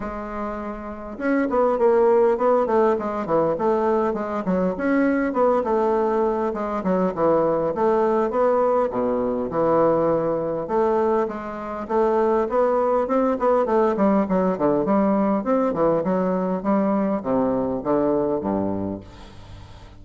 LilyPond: \new Staff \with { instrumentName = "bassoon" } { \time 4/4 \tempo 4 = 101 gis2 cis'8 b8 ais4 | b8 a8 gis8 e8 a4 gis8 fis8 | cis'4 b8 a4. gis8 fis8 | e4 a4 b4 b,4 |
e2 a4 gis4 | a4 b4 c'8 b8 a8 g8 | fis8 d8 g4 c'8 e8 fis4 | g4 c4 d4 g,4 | }